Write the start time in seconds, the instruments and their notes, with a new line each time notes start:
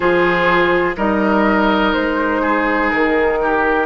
0.00 bassoon F3, clarinet F4, oboe G#4, flute C5
0.96 bassoon G3, clarinet D#4, oboe A#4, flute D#5
1.93 bassoon G#3, flute C5
2.41 oboe G#4
2.89 bassoon D#3, flute A#4
3.42 oboe G4